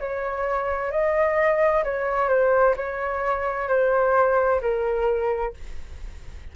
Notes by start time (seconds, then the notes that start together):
0.00 C#5
0.92 D#5
1.85 C#5
2.29 C5
2.77 C#5
3.69 C5
4.62 A#4